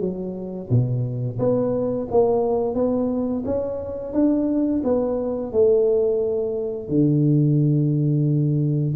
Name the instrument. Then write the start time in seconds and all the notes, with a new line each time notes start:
tuba
0.00 F#3
0.70 B2
1.39 B3
2.11 A#3
2.74 B3
3.45 C#4
4.13 D4
4.84 B3
5.52 A3
6.88 D3